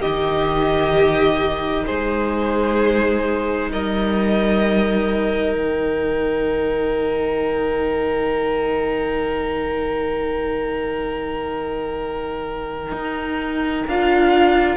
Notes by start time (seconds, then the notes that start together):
0.00 D#3 D#4 G4 D#5
1.85 G#3 G#4 C5
3.72 G3 A#4 D#5
5.53 D#3 G5
12.92 D#4
13.87 D4 F4 F5